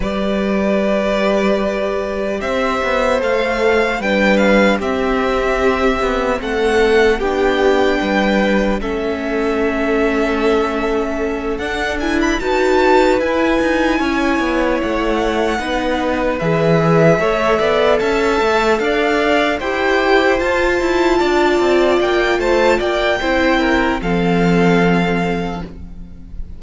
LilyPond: <<
  \new Staff \with { instrumentName = "violin" } { \time 4/4 \tempo 4 = 75 d''2. e''4 | f''4 g''8 f''8 e''2 | fis''4 g''2 e''4~ | e''2~ e''8 fis''8 gis''16 b''16 a''8~ |
a''8 gis''2 fis''4.~ | fis''8 e''2 a''4 f''8~ | f''8 g''4 a''2 g''8 | a''8 g''4. f''2 | }
  \new Staff \with { instrumentName = "violin" } { \time 4/4 b'2. c''4~ | c''4 b'4 g'2 | a'4 g'4 b'4 a'4~ | a'2.~ a'8 b'8~ |
b'4. cis''2 b'8~ | b'4. cis''8 d''8 e''4 d''8~ | d''8 c''2 d''4. | c''8 d''8 c''8 ais'8 a'2 | }
  \new Staff \with { instrumentName = "viola" } { \time 4/4 g'1 | a'4 d'4 c'2~ | c'4 d'2 cis'4~ | cis'2~ cis'8 d'8 e'8 fis'8~ |
fis'8 e'2. dis'8~ | dis'8 gis'4 a'2~ a'8~ | a'8 g'4 f'2~ f'8~ | f'4 e'4 c'2 | }
  \new Staff \with { instrumentName = "cello" } { \time 4/4 g2. c'8 b8 | a4 g4 c'4. b8 | a4 b4 g4 a4~ | a2~ a8 d'4 dis'8~ |
dis'8 e'8 dis'8 cis'8 b8 a4 b8~ | b8 e4 a8 b8 cis'8 a8 d'8~ | d'8 e'4 f'8 e'8 d'8 c'8 ais8 | a8 ais8 c'4 f2 | }
>>